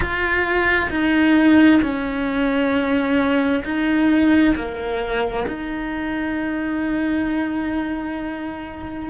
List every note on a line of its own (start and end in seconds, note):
0.00 0.89 F4
0.90 1.81 D#4
1.81 3.63 C#4
3.64 4.55 D#4
4.55 5.46 A#3
5.47 9.09 D#4